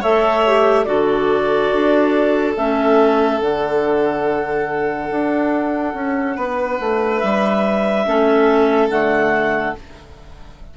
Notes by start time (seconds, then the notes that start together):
0.00 A3 A4 C#5 E5
0.46 G4
0.85 D3 F#4 A4 D5
1.72 D4
2.56 A3 C#4 E5
3.40 D3 D4 F#5
5.11 D4
5.94 C#4
6.36 B3 B4
6.80 A3
7.18 G3 E5
8.06 A3 C#4 A4
8.89 D3 A3 F#5